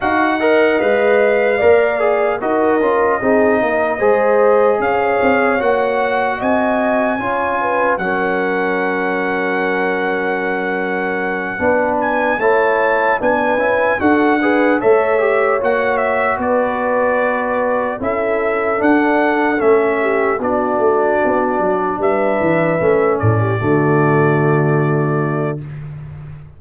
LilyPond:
<<
  \new Staff \with { instrumentName = "trumpet" } { \time 4/4 \tempo 4 = 75 fis''4 f''2 dis''4~ | dis''2 f''4 fis''4 | gis''2 fis''2~ | fis''2. gis''8 a''8~ |
a''8 gis''4 fis''4 e''4 fis''8 | e''8 d''2 e''4 fis''8~ | fis''8 e''4 d''2 e''8~ | e''4 d''2. | }
  \new Staff \with { instrumentName = "horn" } { \time 4/4 f''8 dis''4. d''4 ais'4 | gis'8 ais'8 c''4 cis''2 | dis''4 cis''8 b'8 ais'2~ | ais'2~ ais'8 b'4 cis''8~ |
cis''8 b'4 a'8 b'8 cis''4.~ | cis''8 b'2 a'4.~ | a'4 g'8 fis'2 b'8~ | b'4 a'16 g'16 fis'2~ fis'8 | }
  \new Staff \with { instrumentName = "trombone" } { \time 4/4 fis'8 ais'8 b'4 ais'8 gis'8 fis'8 f'8 | dis'4 gis'2 fis'4~ | fis'4 f'4 cis'2~ | cis'2~ cis'8 d'4 e'8~ |
e'8 d'8 e'8 fis'8 gis'8 a'8 g'8 fis'8~ | fis'2~ fis'8 e'4 d'8~ | d'8 cis'4 d'2~ d'8~ | d'8 cis'4 a2~ a8 | }
  \new Staff \with { instrumentName = "tuba" } { \time 4/4 dis'4 gis4 ais4 dis'8 cis'8 | c'8 ais8 gis4 cis'8 c'8 ais4 | c'4 cis'4 fis2~ | fis2~ fis8 b4 a8~ |
a8 b8 cis'8 d'4 a4 ais8~ | ais8 b2 cis'4 d'8~ | d'8 a4 b8 a8 b8 fis8 g8 | e8 a8 a,8 d2~ d8 | }
>>